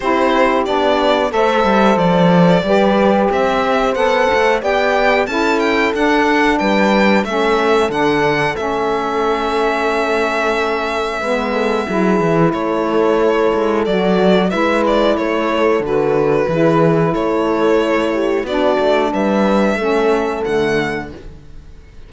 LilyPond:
<<
  \new Staff \with { instrumentName = "violin" } { \time 4/4 \tempo 4 = 91 c''4 d''4 e''4 d''4~ | d''4 e''4 fis''4 g''4 | a''8 g''8 fis''4 g''4 e''4 | fis''4 e''2.~ |
e''2. cis''4~ | cis''4 d''4 e''8 d''8 cis''4 | b'2 cis''2 | d''4 e''2 fis''4 | }
  \new Staff \with { instrumentName = "horn" } { \time 4/4 g'2 c''2 | b'4 c''2 d''4 | a'2 b'4 a'4~ | a'1~ |
a'4 b'8 a'8 gis'4 a'4~ | a'2 b'4 a'4~ | a'4 gis'4 a'4. g'8 | fis'4 b'4 a'2 | }
  \new Staff \with { instrumentName = "saxophone" } { \time 4/4 e'4 d'4 a'2 | g'2 a'4 g'4 | e'4 d'2 cis'4 | d'4 cis'2.~ |
cis'4 b4 e'2~ | e'4 fis'4 e'2 | fis'4 e'2. | d'2 cis'4 a4 | }
  \new Staff \with { instrumentName = "cello" } { \time 4/4 c'4 b4 a8 g8 f4 | g4 c'4 b8 a8 b4 | cis'4 d'4 g4 a4 | d4 a2.~ |
a4 gis4 fis8 e8 a4~ | a8 gis8 fis4 gis4 a4 | d4 e4 a2 | b8 a8 g4 a4 d4 | }
>>